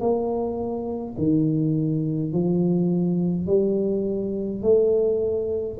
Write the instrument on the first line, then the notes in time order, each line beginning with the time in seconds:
tuba
0.00 A#3
1.18 D#3
2.33 F3
3.47 G3
4.63 A3